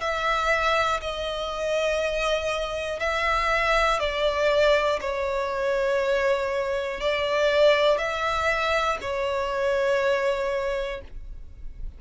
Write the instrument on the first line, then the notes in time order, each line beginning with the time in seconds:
violin
0.00 E5
1.00 D#5
3.00 E5
4.00 D5
5.00 C#5
7.00 D5
7.98 E5
9.00 C#5